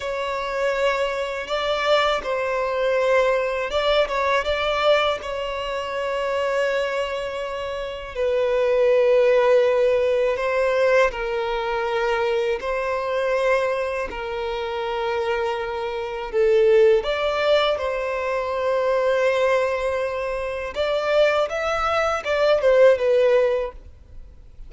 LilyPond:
\new Staff \with { instrumentName = "violin" } { \time 4/4 \tempo 4 = 81 cis''2 d''4 c''4~ | c''4 d''8 cis''8 d''4 cis''4~ | cis''2. b'4~ | b'2 c''4 ais'4~ |
ais'4 c''2 ais'4~ | ais'2 a'4 d''4 | c''1 | d''4 e''4 d''8 c''8 b'4 | }